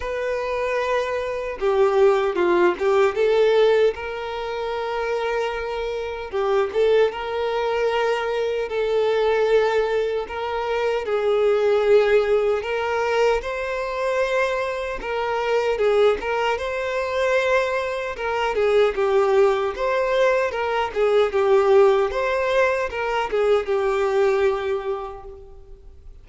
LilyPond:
\new Staff \with { instrumentName = "violin" } { \time 4/4 \tempo 4 = 76 b'2 g'4 f'8 g'8 | a'4 ais'2. | g'8 a'8 ais'2 a'4~ | a'4 ais'4 gis'2 |
ais'4 c''2 ais'4 | gis'8 ais'8 c''2 ais'8 gis'8 | g'4 c''4 ais'8 gis'8 g'4 | c''4 ais'8 gis'8 g'2 | }